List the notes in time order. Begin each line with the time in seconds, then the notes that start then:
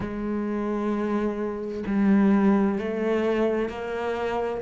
0.00 G#3
1.86 G3
2.78 A3
3.69 A#3